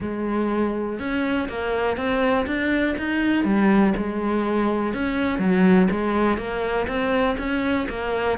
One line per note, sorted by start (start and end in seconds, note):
0.00 0.99 G#3
0.99 1.48 C#4
1.48 1.96 A#3
1.96 2.45 C4
2.46 2.95 D4
2.98 3.44 D#4
3.44 3.93 G3
3.96 4.93 G#3
4.93 5.38 C#4
5.38 5.87 F#3
5.90 6.37 G#3
6.37 6.86 A#3
6.87 7.36 C4
7.38 7.87 C#4
7.89 8.38 A#3